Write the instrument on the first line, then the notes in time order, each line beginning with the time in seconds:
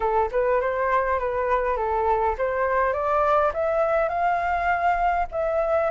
flute
0.00 A4
0.31 B4
0.60 C5
1.19 B4
1.76 A4
2.38 C5
2.93 D5
3.53 E5
4.08 F5
5.31 E5